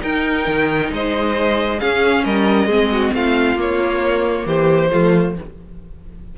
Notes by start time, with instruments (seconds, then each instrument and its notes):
0.00 viola D#4, cello D#4, violin A#4 G5
0.46 cello D#3
0.92 cello G#3, violin C5 D#5
1.79 viola C#4, cello C#4, violin G#4 F5
2.24 cello G3, violin A#4 D#5
2.66 cello G#3, viola C4, violin G#4
2.91 violin F#4
3.13 cello A3, violin F4 F5
3.55 cello A#3, viola A#3, violin C#5
4.45 cello E3, violin G4 C5
4.90 cello F3, viola A3, violin F4